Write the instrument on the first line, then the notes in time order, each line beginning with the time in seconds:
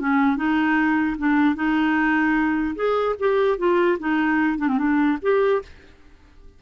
clarinet
0.00 C#4
0.37 D#4
1.19 D4
1.56 D#4
2.76 G#4
3.20 G4
3.58 F4
4.00 D#4
4.59 D4
4.69 C4
4.79 D4
5.23 G4